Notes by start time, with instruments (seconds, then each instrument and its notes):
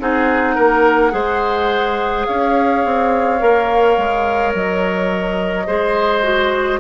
0.00 bassoon C4, clarinet D#4, oboe G#4, flute F#5
0.55 bassoon A#3, oboe A#4
1.11 bassoon G#3, clarinet G#4, oboe C5
2.26 bassoon C#4, oboe C#5, flute F5
2.85 bassoon C4
3.40 bassoon A#3, clarinet A#4
3.98 bassoon G#3
4.54 bassoon F#3, flute D#5
5.67 bassoon G#3, clarinet G#4, oboe C5
6.23 clarinet F#4